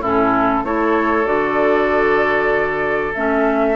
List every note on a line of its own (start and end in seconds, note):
0.00 0.63 A2
0.00 0.64 C#4
0.00 0.62 E4
0.00 0.64 A4
0.64 1.25 A3
0.64 1.24 E4
0.64 3.76 A4
0.64 1.26 C#5
1.24 3.13 D3
1.24 3.12 F#4
1.24 3.13 D5
3.14 3.76 A3
3.14 3.76 C#4
3.14 3.76 E5